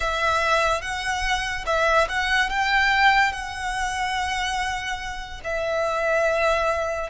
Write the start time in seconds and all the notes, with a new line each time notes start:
0.00 E5
0.81 F#5
1.66 E5
2.08 F#5
2.49 G5
3.32 F#5
5.44 E5